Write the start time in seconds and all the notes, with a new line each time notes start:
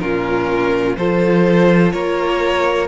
0.00 A#2 C#4 F4 A#4
0.97 F3 F4 A4 C5
1.92 A#3 A#4 C#5